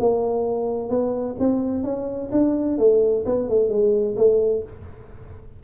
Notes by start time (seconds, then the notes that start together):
0.00 A#3
0.89 B3
1.40 C4
1.84 C#4
2.32 D4
2.78 A3
3.26 B3
3.50 A3
3.70 G#3
4.16 A3